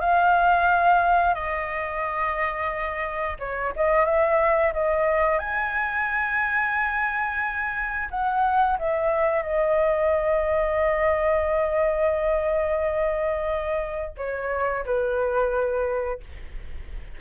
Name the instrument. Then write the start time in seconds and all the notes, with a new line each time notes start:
flute
0.00 F5
1.34 D#5
3.39 C#5
3.76 D#5
4.05 E5
4.73 D#5
5.39 G#5
8.10 F#5
8.79 E5
9.42 D#5
14.17 C#5
14.85 B4